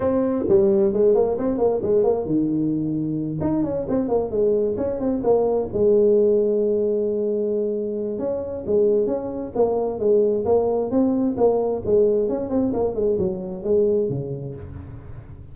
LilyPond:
\new Staff \with { instrumentName = "tuba" } { \time 4/4 \tempo 4 = 132 c'4 g4 gis8 ais8 c'8 ais8 | gis8 ais8 dis2~ dis8 dis'8 | cis'8 c'8 ais8 gis4 cis'8 c'8 ais8~ | ais8 gis2.~ gis8~ |
gis2 cis'4 gis4 | cis'4 ais4 gis4 ais4 | c'4 ais4 gis4 cis'8 c'8 | ais8 gis8 fis4 gis4 cis4 | }